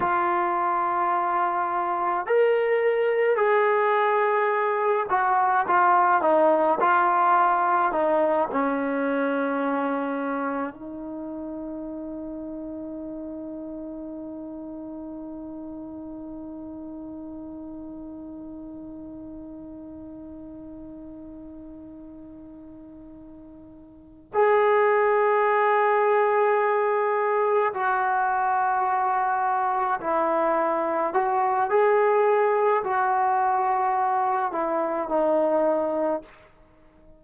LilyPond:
\new Staff \with { instrumentName = "trombone" } { \time 4/4 \tempo 4 = 53 f'2 ais'4 gis'4~ | gis'8 fis'8 f'8 dis'8 f'4 dis'8 cis'8~ | cis'4. dis'2~ dis'8~ | dis'1~ |
dis'1~ | dis'4. gis'2~ gis'8~ | gis'8 fis'2 e'4 fis'8 | gis'4 fis'4. e'8 dis'4 | }